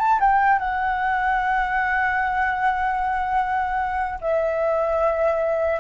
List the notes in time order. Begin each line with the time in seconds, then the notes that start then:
0.00 A5
0.21 G5
0.60 F#5
4.21 E5